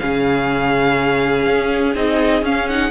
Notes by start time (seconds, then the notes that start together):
0.00 C#3 C#4 G#4 F5
1.47 C#4
1.95 C4 D#4 D#5
2.43 C#4 F5
2.69 D#4 F#5